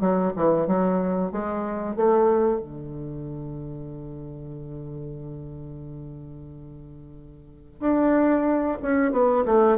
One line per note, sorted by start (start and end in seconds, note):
0.00 0.33 F#3
0.36 0.67 E3
0.67 1.32 F#3
1.32 1.96 G#3
1.96 2.61 A3
2.61 7.80 D3
7.80 8.78 D4
8.82 9.12 C#4
9.12 9.44 B3
9.45 9.78 A3